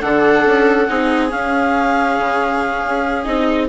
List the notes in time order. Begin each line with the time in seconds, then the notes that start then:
0.00 D3 D4 A4 F#5
0.44 C#4
0.88 C4 D#4 G#4
1.29 C#4 F5
2.18 C#3
2.84 C#4
3.24 C4 D#4 D#5